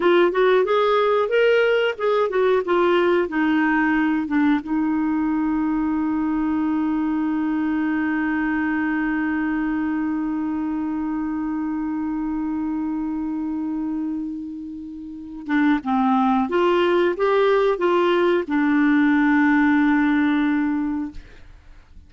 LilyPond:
\new Staff \with { instrumentName = "clarinet" } { \time 4/4 \tempo 4 = 91 f'8 fis'8 gis'4 ais'4 gis'8 fis'8 | f'4 dis'4. d'8 dis'4~ | dis'1~ | dis'1~ |
dis'1~ | dis'2.~ dis'8 d'8 | c'4 f'4 g'4 f'4 | d'1 | }